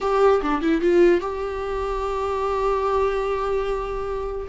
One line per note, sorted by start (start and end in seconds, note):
0.00 0.41 G4
0.42 0.61 D4
0.61 0.81 E4
0.81 1.20 F4
1.20 4.47 G4